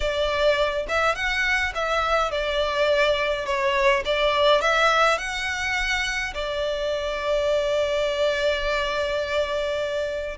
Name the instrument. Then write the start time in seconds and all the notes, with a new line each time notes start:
violin
0.00 D5
0.88 E5
1.15 F#5
1.74 E5
2.31 D5
3.45 C#5
4.05 D5
4.61 E5
5.18 F#5
6.34 D5